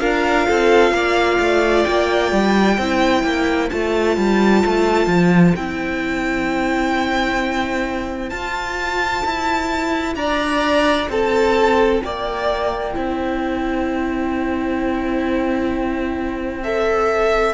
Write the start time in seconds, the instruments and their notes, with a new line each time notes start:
0.00 cello D4, viola F4, violin A#4 F5
0.47 cello C4, violin A4
0.92 cello A#3, violin D5
1.39 cello A3
1.84 cello A#3, violin G5
2.32 cello G3
2.78 cello C4, viola E4, violin C5
3.24 cello A#3
3.70 cello A3, viola F4, violin A5
4.17 cello G3
4.65 cello A3
5.07 cello F3
5.56 cello C4, viola E4, violin G5
8.29 cello F4, viola F4, violin A5
9.25 cello E4
10.15 cello D4, violin D5 A#5
11.09 cello C4, violin A4 A5
12.02 cello A#3, violin D5 G5
12.94 cello C4, viola E4, violin C5
16.64 viola A4, violin E5